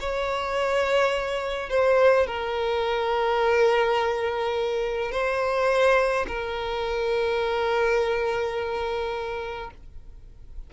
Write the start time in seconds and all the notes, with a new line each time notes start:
0.00 C#5
1.70 C5
2.26 A#4
5.12 C5
6.28 A#4